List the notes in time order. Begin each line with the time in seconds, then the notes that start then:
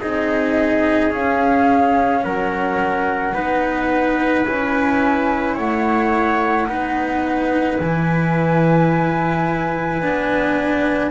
0.00 C4 D#4 G#4 D#5
1.11 C#4 F5
2.23 F#3 A#4 F#5
3.34 B3 D#4 B4
4.45 C#4 E4 G#5
5.55 A3 C#5 F#5
6.68 B3 D#4 B4
7.80 E3 E4 G#5
10.01 B3 D4